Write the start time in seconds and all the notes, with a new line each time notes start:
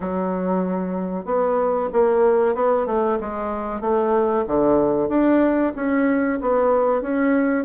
0.00 F#3
1.25 B3
1.93 A#3
2.54 B3
2.86 A3
3.20 G#3
3.80 A3
4.47 D3
5.08 D4
5.75 C#4
6.41 B3
7.01 C#4